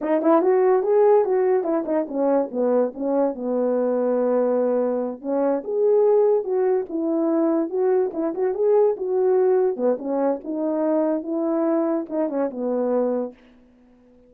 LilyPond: \new Staff \with { instrumentName = "horn" } { \time 4/4 \tempo 4 = 144 dis'8 e'8 fis'4 gis'4 fis'4 | e'8 dis'8 cis'4 b4 cis'4 | b1~ | b8 cis'4 gis'2 fis'8~ |
fis'8 e'2 fis'4 e'8 | fis'8 gis'4 fis'2 b8 | cis'4 dis'2 e'4~ | e'4 dis'8 cis'8 b2 | }